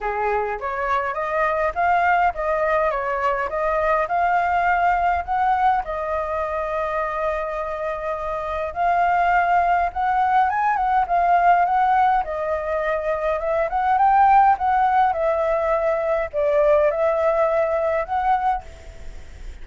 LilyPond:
\new Staff \with { instrumentName = "flute" } { \time 4/4 \tempo 4 = 103 gis'4 cis''4 dis''4 f''4 | dis''4 cis''4 dis''4 f''4~ | f''4 fis''4 dis''2~ | dis''2. f''4~ |
f''4 fis''4 gis''8 fis''8 f''4 | fis''4 dis''2 e''8 fis''8 | g''4 fis''4 e''2 | d''4 e''2 fis''4 | }